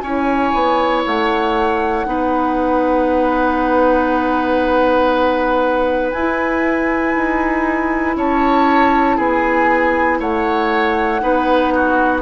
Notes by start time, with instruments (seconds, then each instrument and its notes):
0.00 bassoon C#4, clarinet E4, oboe C#5, flute G#5
0.53 bassoon B3
1.06 bassoon A3, flute F#5
2.06 bassoon B3, clarinet D#4, oboe B4
6.11 bassoon E4, flute G#5
6.17 clarinet E4
7.15 bassoon D#4
8.15 bassoon C#4, oboe C#5, flute A5
9.16 bassoon B3, oboe G#4, flute G#5
10.19 bassoon A3, oboe C#5, flute F#5
11.20 bassoon B3, clarinet D#4, oboe B4
11.74 oboe F#4